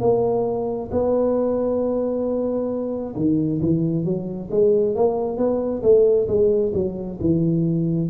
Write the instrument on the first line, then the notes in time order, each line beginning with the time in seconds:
tuba
0.00 A#3
0.91 B3
3.16 D#3
3.61 E3
4.05 F#3
4.50 G#3
4.95 A#3
5.37 B3
5.82 A3
6.28 G#3
6.74 F#3
7.20 E3